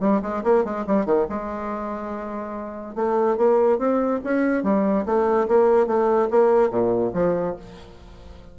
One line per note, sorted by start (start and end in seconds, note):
0.00 0.21 G3
0.22 0.43 G#3
0.43 0.64 A#3
0.64 0.85 G#3
0.87 1.05 G3
1.05 1.26 D#3
1.29 2.95 G#3
2.95 3.37 A3
3.37 3.78 A#3
3.78 4.20 C4
4.24 4.63 C#4
4.63 5.05 G3
5.05 5.47 A3
5.48 5.87 A#3
5.87 6.29 A3
6.30 6.70 A#3
6.70 7.12 A#2
7.14 7.56 F3